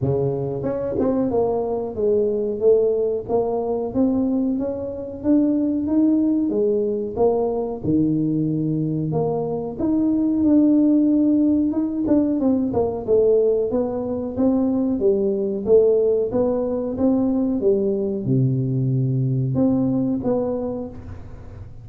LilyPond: \new Staff \with { instrumentName = "tuba" } { \time 4/4 \tempo 4 = 92 cis4 cis'8 c'8 ais4 gis4 | a4 ais4 c'4 cis'4 | d'4 dis'4 gis4 ais4 | dis2 ais4 dis'4 |
d'2 dis'8 d'8 c'8 ais8 | a4 b4 c'4 g4 | a4 b4 c'4 g4 | c2 c'4 b4 | }